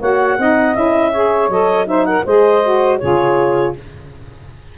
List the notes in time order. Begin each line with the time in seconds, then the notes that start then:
0.00 A#3 F#4 C#5 F#5
0.38 C4 D#4 D#5
0.75 C#4 E4 E5
1.12 G#4 C#5
1.49 F#3 A4 D#5
1.86 D#4 C5 E5
2.06 A#4 F#5
2.25 G#3 G#4 C5 D#5
2.63 F#4
2.99 C#3 F4 G#4 C#5